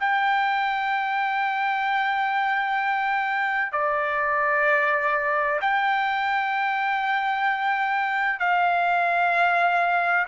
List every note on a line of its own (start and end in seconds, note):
0.00 3.72 G5
3.72 5.60 D5
5.61 8.39 G5
8.39 10.27 F5